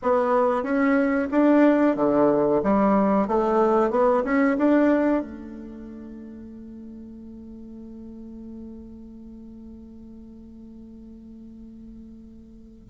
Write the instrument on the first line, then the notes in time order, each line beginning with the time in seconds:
bassoon
0.02 B3
0.63 C#4
1.31 D4
1.96 D3
2.63 G3
3.27 A3
3.90 B3
4.24 C#4
4.58 D4
5.22 A3